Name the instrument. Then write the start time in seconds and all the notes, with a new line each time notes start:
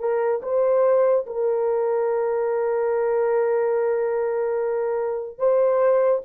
horn
0.00 A#4
0.43 C5
1.27 A#4
5.39 C5